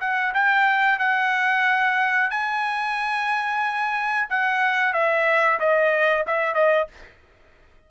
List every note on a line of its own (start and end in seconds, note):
0.00 0.33 F#5
0.34 0.98 G5
0.98 2.30 F#5
2.30 4.28 G#5
4.29 4.93 F#5
4.93 5.59 E5
5.59 6.25 D#5
6.26 6.54 E5
6.54 6.87 D#5